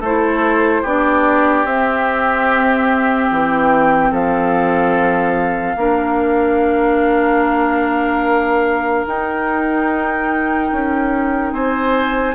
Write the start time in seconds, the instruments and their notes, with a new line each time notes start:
0.00 bassoon A3, clarinet E4, oboe A4, flute C5
0.82 bassoon B3, clarinet D4, oboe G4, flute D5
1.65 bassoon C4, clarinet C4, flute E5
3.31 bassoon E3, flute G5
4.11 bassoon F3, oboe A4, flute F5
5.76 bassoon A#3, clarinet D4, oboe A#4
9.07 bassoon D#4, clarinet D#4, flute G5
10.72 bassoon C#4
11.52 bassoon C4, oboe C5, flute G#5